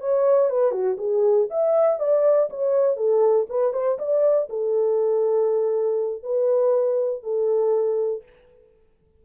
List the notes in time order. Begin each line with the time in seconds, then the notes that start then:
0.00 C#5
0.50 B4
0.71 F#4
0.97 G#4
1.50 E5
1.99 D5
2.49 C#5
2.96 A4
3.49 B4
3.73 C5
3.98 D5
4.49 A4
6.22 B4
7.22 A4